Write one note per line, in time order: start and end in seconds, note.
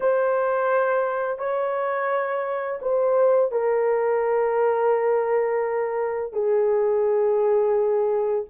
0.00 1.38 C5
1.38 2.79 C#5
2.81 3.51 C5
3.51 6.32 A#4
6.32 8.44 G#4